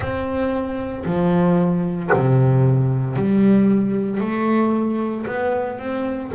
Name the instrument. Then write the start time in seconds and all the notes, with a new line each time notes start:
double bass
0.00 C4
1.05 F3
2.13 C3
3.16 G3
4.20 A3
5.26 B3
5.78 C4